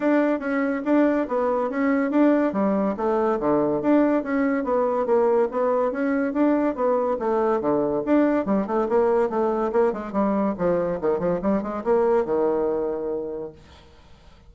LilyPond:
\new Staff \with { instrumentName = "bassoon" } { \time 4/4 \tempo 4 = 142 d'4 cis'4 d'4 b4 | cis'4 d'4 g4 a4 | d4 d'4 cis'4 b4 | ais4 b4 cis'4 d'4 |
b4 a4 d4 d'4 | g8 a8 ais4 a4 ais8 gis8 | g4 f4 dis8 f8 g8 gis8 | ais4 dis2. | }